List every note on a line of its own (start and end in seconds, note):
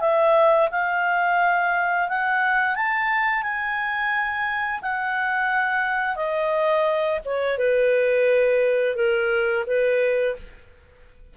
0.00 0.69 E5
0.71 2.08 F5
2.08 2.75 F#5
2.75 3.43 A5
3.43 4.81 G#5
4.82 6.16 F#5
6.16 7.19 D#5
7.25 7.58 C#5
7.58 8.96 B4
8.96 9.65 A#4
9.67 10.36 B4